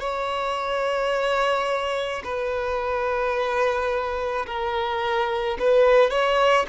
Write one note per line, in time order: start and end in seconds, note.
0.00 2.22 C#5
2.24 4.46 B4
4.46 5.58 A#4
5.60 6.11 B4
6.11 6.66 C#5